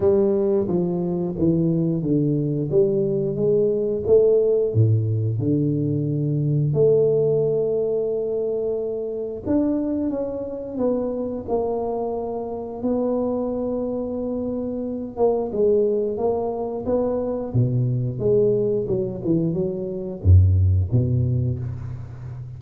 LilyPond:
\new Staff \with { instrumentName = "tuba" } { \time 4/4 \tempo 4 = 89 g4 f4 e4 d4 | g4 gis4 a4 a,4 | d2 a2~ | a2 d'4 cis'4 |
b4 ais2 b4~ | b2~ b8 ais8 gis4 | ais4 b4 b,4 gis4 | fis8 e8 fis4 fis,4 b,4 | }